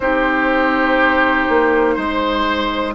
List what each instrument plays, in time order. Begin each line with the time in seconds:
0.00 bassoon C4, clarinet D#4, oboe G4, flute C5
1.48 bassoon A#3
1.95 bassoon G#3, oboe C5